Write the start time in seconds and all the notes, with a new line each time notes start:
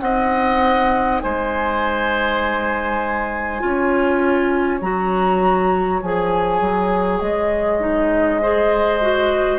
0.00 C4 D#4 D#5 F#5
1.21 G#3 C5 G#5
3.60 C#4 F4 C#5
4.81 F#3 F#4 A#5
6.02 F3 G#4 G#5
6.60 F#3
7.20 G#3 D#5
7.79 D#4
8.42 G#4 C5
9.01 F#4